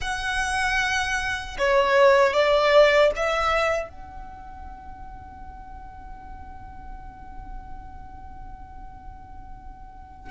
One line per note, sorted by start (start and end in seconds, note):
0.01 1.57 F#5
1.58 2.33 C#5
2.33 3.11 D5
3.16 3.89 E5
3.89 10.30 F#5